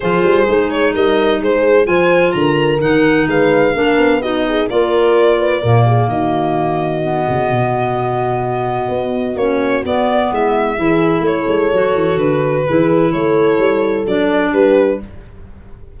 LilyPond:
<<
  \new Staff \with { instrumentName = "violin" } { \time 4/4 \tempo 4 = 128 c''4. cis''8 dis''4 c''4 | gis''4 ais''4 fis''4 f''4~ | f''4 dis''4 d''2~ | d''4 dis''2.~ |
dis''1 | cis''4 d''4 e''2 | cis''2 b'2 | cis''2 d''4 b'4 | }
  \new Staff \with { instrumentName = "horn" } { \time 4/4 gis'2 ais'4 gis'4 | c''4 ais'2 b'4 | ais'4 fis'8 gis'8 ais'4. b'8 | ais'8 gis'8 fis'2.~ |
fis'1~ | fis'2 e'4 gis'4 | a'2. gis'4 | a'2. g'4 | }
  \new Staff \with { instrumentName = "clarinet" } { \time 4/4 f'4 dis'2. | f'2 dis'2 | d'4 dis'4 f'2 | ais2. b4~ |
b1 | cis'4 b2 e'4~ | e'4 fis'2 e'4~ | e'2 d'2 | }
  \new Staff \with { instrumentName = "tuba" } { \time 4/4 f8 g8 gis4 g4 gis4 | f4 d4 dis4 gis4 | ais8 b4. ais2 | ais,4 dis2~ dis8 cis8 |
b,2. b4 | ais4 b4 gis4 e4 | a8 gis8 fis8 e8 d4 e4 | a4 g4 fis4 g4 | }
>>